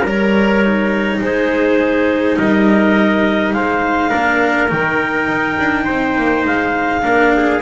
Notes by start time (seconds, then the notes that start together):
0.00 G3 A#4
0.07 A#4 C#5
0.64 D#4
1.20 G#3 G#4 C5
2.37 G3 A#4 D#5
3.53 G#3 C5 F5
4.09 A#3 D4 A#4
4.68 D#3 D#4 G5
5.28 D#4
5.59 D4
5.84 C4 C5
6.16 A#3
6.45 G#3 F5
7.01 A#3 D4 A#4
7.36 G#4